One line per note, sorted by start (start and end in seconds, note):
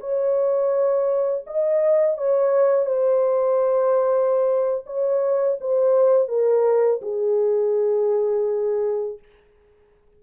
0.00 1.45 C#5
1.47 2.18 D#5
2.18 2.86 C#5
2.86 4.85 C5
4.86 5.58 C#5
5.61 6.28 C5
6.28 7.01 A#4
7.02 9.19 G#4